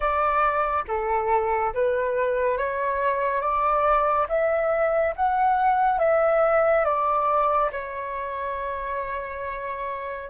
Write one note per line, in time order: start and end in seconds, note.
0.00 0.84 D5
0.88 1.73 A4
1.74 2.57 B4
2.57 3.41 C#5
3.41 4.26 D5
4.28 5.14 E5
5.16 5.98 F#5
5.98 6.84 E5
6.84 7.70 D5
7.72 10.29 C#5